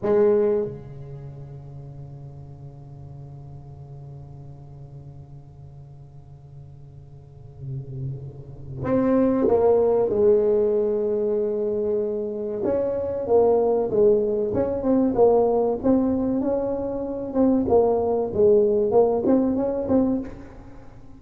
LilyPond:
\new Staff \with { instrumentName = "tuba" } { \time 4/4 \tempo 4 = 95 gis4 cis2.~ | cis1~ | cis1~ | cis2 c'4 ais4 |
gis1 | cis'4 ais4 gis4 cis'8 c'8 | ais4 c'4 cis'4. c'8 | ais4 gis4 ais8 c'8 cis'8 c'8 | }